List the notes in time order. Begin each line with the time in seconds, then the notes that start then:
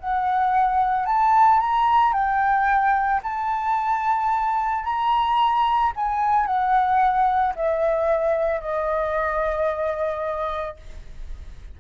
0.00 F#5
1.06 A5
1.60 A#5
2.13 G5
3.23 A5
4.85 A#5
5.96 G#5
6.46 F#5
7.56 E5
8.61 D#5